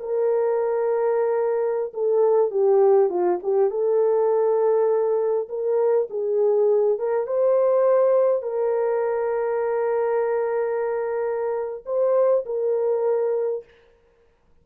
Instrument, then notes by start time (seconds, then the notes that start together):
horn
0.00 A#4
1.94 A4
2.51 G4
3.10 F4
3.43 G4
3.70 A4
5.49 A#4
6.10 G#4
6.99 A#4
7.27 C5
8.43 A#4
11.86 C5
12.46 A#4